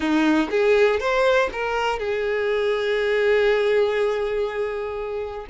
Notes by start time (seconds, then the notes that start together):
0.00 D#4
0.50 G#4
1.00 C5
1.52 A#4
1.99 G#4